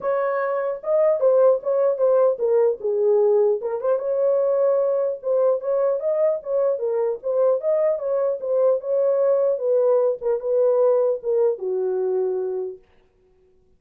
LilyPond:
\new Staff \with { instrumentName = "horn" } { \time 4/4 \tempo 4 = 150 cis''2 dis''4 c''4 | cis''4 c''4 ais'4 gis'4~ | gis'4 ais'8 c''8 cis''2~ | cis''4 c''4 cis''4 dis''4 |
cis''4 ais'4 c''4 dis''4 | cis''4 c''4 cis''2 | b'4. ais'8 b'2 | ais'4 fis'2. | }